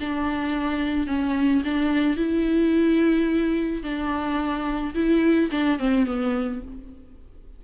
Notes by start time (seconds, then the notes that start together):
0.00 D4
1.07 C#4
1.64 D4
2.16 E4
3.83 D4
4.94 E4
5.51 D4
5.79 C4
6.06 B3